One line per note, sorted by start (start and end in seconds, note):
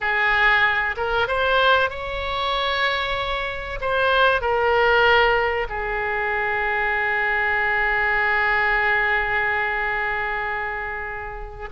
0.01 0.95 G#4
0.96 1.27 A#4
1.27 1.89 C5
1.89 3.79 C#5
3.80 4.41 C5
4.41 5.67 A#4
5.69 11.69 G#4